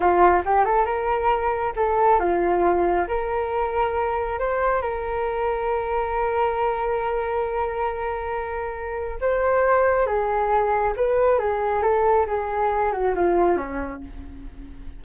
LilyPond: \new Staff \with { instrumentName = "flute" } { \time 4/4 \tempo 4 = 137 f'4 g'8 a'8 ais'2 | a'4 f'2 ais'4~ | ais'2 c''4 ais'4~ | ais'1~ |
ais'1~ | ais'4 c''2 gis'4~ | gis'4 b'4 gis'4 a'4 | gis'4. fis'8 f'4 cis'4 | }